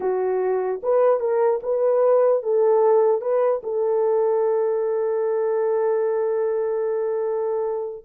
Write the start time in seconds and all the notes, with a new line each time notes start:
0.00 F#4
0.83 B4
1.20 A#4
1.63 B4
2.43 A4
3.21 B4
3.63 A4